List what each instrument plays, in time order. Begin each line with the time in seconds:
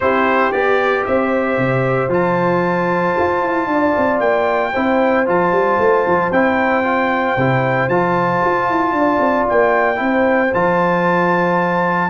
0.00 tuba C4, trombone E4, horn G4, trumpet C5
0.51 tuba B3, trombone G4, trumpet D5
1.05 tuba C4, horn C5, trumpet E5
1.57 tuba C3
2.08 tuba F3, trombone F4, trumpet A5
3.18 tuba F4
3.41 tuba E4
3.67 tuba D4, horn D5
3.97 tuba C4
4.19 tuba A#3, trumpet G5
4.72 tuba C4, trombone E4, horn C5
5.26 tuba F3, trombone F4, trumpet A5
5.52 tuba G3
5.79 tuba A3
6.06 tuba F3
6.30 tuba C4, trombone E4, trumpet G5
6.83 trombone F4
7.37 tuba C3, trombone E4
7.88 tuba F3, trombone F4, trumpet A5
8.43 tuba F4
8.69 tuba E4
8.92 tuba D4, horn D5
9.19 tuba C4
9.48 tuba A#3, trumpet G5
9.95 tuba C4, trombone E4
10.02 horn C5
10.54 tuba F3, trombone F4, trumpet A5